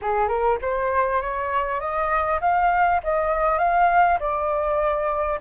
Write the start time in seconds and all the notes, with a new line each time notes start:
0.01 G#4
0.28 A#4
0.61 C5
1.21 C#5
1.79 D#5
2.40 F5
3.03 D#5
3.58 F5
4.19 D5